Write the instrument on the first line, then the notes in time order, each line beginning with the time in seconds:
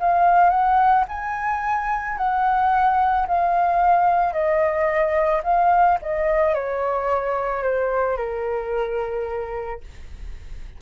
flute
0.00 F5
0.50 F#5
1.08 G#5
2.18 F#5
3.27 F5
4.33 D#5
5.43 F5
6.01 D#5
6.55 C#5
7.63 C5
8.17 A#4